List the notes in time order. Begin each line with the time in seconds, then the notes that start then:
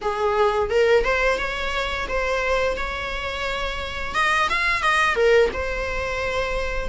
0.01 G#4
0.70 A#4
1.04 C5
1.38 C#5
2.08 C5
2.76 C#5
4.14 D#5
4.49 F5
4.82 D#5
5.15 A#4
5.53 C5